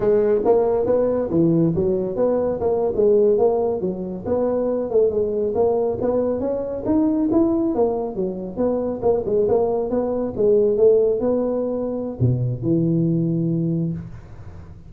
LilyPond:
\new Staff \with { instrumentName = "tuba" } { \time 4/4 \tempo 4 = 138 gis4 ais4 b4 e4 | fis4 b4 ais8. gis4 ais16~ | ais8. fis4 b4. a8 gis16~ | gis8. ais4 b4 cis'4 dis'16~ |
dis'8. e'4 ais4 fis4 b16~ | b8. ais8 gis8 ais4 b4 gis16~ | gis8. a4 b2~ b16 | b,4 e2. | }